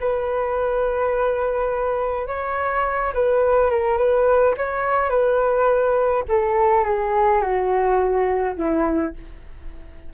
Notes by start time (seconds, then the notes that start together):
0.00 B4
2.27 C#5
3.14 B4
3.70 A#4
3.98 B4
4.57 C#5
5.10 B4
6.28 A4
6.84 G#4
7.42 F#4
8.56 E4